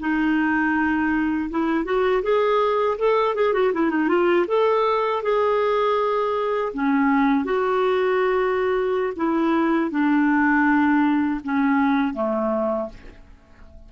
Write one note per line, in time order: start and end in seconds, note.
0.00 1.50 D#4
1.51 1.85 E4
1.85 2.23 F#4
2.23 2.98 G#4
2.98 3.35 A4
3.35 3.54 G#4
3.54 3.73 F#4
3.74 3.91 E4
3.91 4.09 D#4
4.09 4.46 F4
4.48 5.23 A4
5.23 6.73 G#4
6.74 7.45 C#4
7.45 9.14 F#4
9.17 9.91 E4
9.91 11.41 D4
11.44 12.14 C#4
12.14 12.89 A3